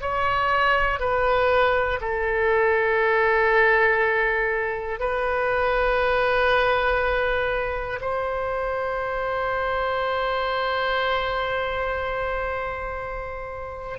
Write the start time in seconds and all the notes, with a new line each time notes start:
0.00 C#5
1.00 B4
2.00 A4
5.00 B4
8.00 C5